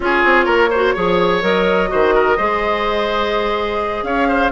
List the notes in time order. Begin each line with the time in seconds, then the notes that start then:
0.00 C#4 F4 G#4 C#5
0.24 C4
0.45 A#3 A#4
0.70 F#4 C5
0.94 F3 G#4 C#5
1.41 F#3 A#4 D#5
1.88 D#3 F#4 C5
2.14 A#4
2.37 G#3 G#4 C5
4.02 C#4 C#5 F5
4.28 C5